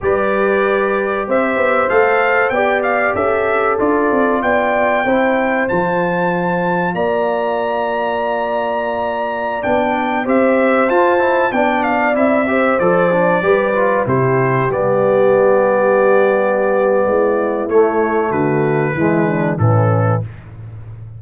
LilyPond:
<<
  \new Staff \with { instrumentName = "trumpet" } { \time 4/4 \tempo 4 = 95 d''2 e''4 f''4 | g''8 f''8 e''4 d''4 g''4~ | g''4 a''2 ais''4~ | ais''2.~ ais''16 g''8.~ |
g''16 e''4 a''4 g''8 f''8 e''8.~ | e''16 d''2 c''4 d''8.~ | d''1 | cis''4 b'2 a'4 | }
  \new Staff \with { instrumentName = "horn" } { \time 4/4 b'2 c''2 | d''4 a'2 d''4 | c''2. d''4~ | d''1~ |
d''16 c''2 d''4. c''16~ | c''4~ c''16 b'4 g'4.~ g'16~ | g'2. e'4~ | e'4 fis'4 e'8 d'8 cis'4 | }
  \new Staff \with { instrumentName = "trombone" } { \time 4/4 g'2. a'4 | g'2 f'2 | e'4 f'2.~ | f'2.~ f'16 d'8.~ |
d'16 g'4 f'8 e'8 d'4 e'8 g'16~ | g'16 a'8 d'8 g'8 f'8 e'4 b8.~ | b1 | a2 gis4 e4 | }
  \new Staff \with { instrumentName = "tuba" } { \time 4/4 g2 c'8 b8 a4 | b4 cis'4 d'8 c'8 b4 | c'4 f2 ais4~ | ais2.~ ais16 b8.~ |
b16 c'4 f'4 b4 c'8.~ | c'16 f4 g4 c4 g8.~ | g2. gis4 | a4 d4 e4 a,4 | }
>>